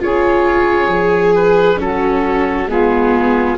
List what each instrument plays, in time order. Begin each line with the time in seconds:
0.00 tuba C#4, viola F4, saxophone G#4, oboe C#5
0.87 tuba F3, viola G#4
1.36 oboe B4
1.78 tuba F#3, viola C#4, saxophone F#4, oboe A4
2.67 tuba G#3, viola B3, saxophone F4, oboe G#4